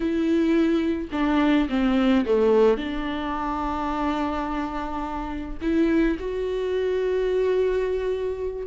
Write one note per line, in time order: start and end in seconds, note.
0.00 1.08 E4
1.12 1.68 D4
1.69 2.25 C4
2.25 2.77 A3
2.77 5.57 D4
5.61 6.17 E4
6.19 8.66 F#4